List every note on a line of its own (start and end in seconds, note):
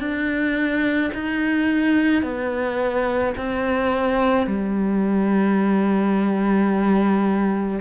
0.00 1.11 D4
1.14 2.23 D#4
2.23 3.34 B3
3.37 4.47 C4
4.47 7.80 G3